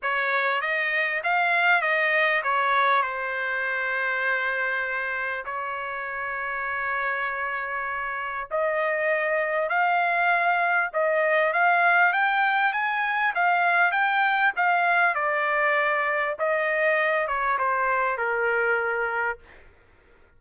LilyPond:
\new Staff \with { instrumentName = "trumpet" } { \time 4/4 \tempo 4 = 99 cis''4 dis''4 f''4 dis''4 | cis''4 c''2.~ | c''4 cis''2.~ | cis''2 dis''2 |
f''2 dis''4 f''4 | g''4 gis''4 f''4 g''4 | f''4 d''2 dis''4~ | dis''8 cis''8 c''4 ais'2 | }